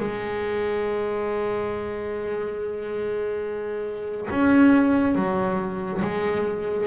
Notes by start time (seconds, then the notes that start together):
0.00 G#3
4.31 C#4
5.15 F#3
6.02 G#3